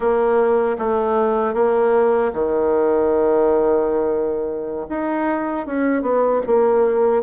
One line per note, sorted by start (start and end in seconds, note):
0.00 0.77 A#3
0.78 1.54 A3
1.54 2.32 A#3
2.33 4.86 D#3
4.89 5.66 D#4
5.66 6.02 C#4
6.02 6.41 B3
6.46 7.23 A#3